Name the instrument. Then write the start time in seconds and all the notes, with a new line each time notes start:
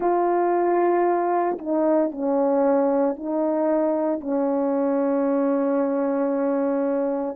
horn
0.00 F4
1.58 D#4
2.11 C#4
3.16 D#4
4.20 C#4